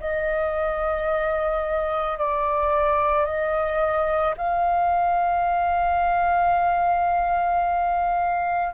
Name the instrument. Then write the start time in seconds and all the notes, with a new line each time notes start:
flute
0.00 D#5
2.18 D5
3.25 D#5
4.37 F5